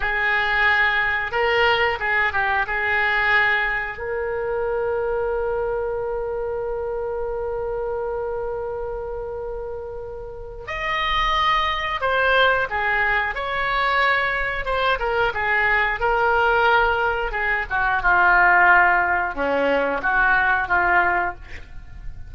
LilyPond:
\new Staff \with { instrumentName = "oboe" } { \time 4/4 \tempo 4 = 90 gis'2 ais'4 gis'8 g'8 | gis'2 ais'2~ | ais'1~ | ais'1 |
dis''2 c''4 gis'4 | cis''2 c''8 ais'8 gis'4 | ais'2 gis'8 fis'8 f'4~ | f'4 cis'4 fis'4 f'4 | }